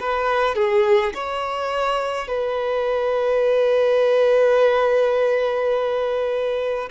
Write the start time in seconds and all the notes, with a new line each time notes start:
0.00 B4
0.56 G#4
1.14 C#5
2.28 B4